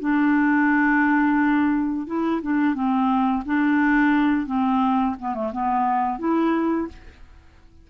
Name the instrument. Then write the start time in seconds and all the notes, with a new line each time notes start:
clarinet
0.00 D4
2.07 E4
2.42 D4
2.74 C4
3.46 D4
4.46 C4
5.19 B3
5.34 A3
5.52 B3
6.19 E4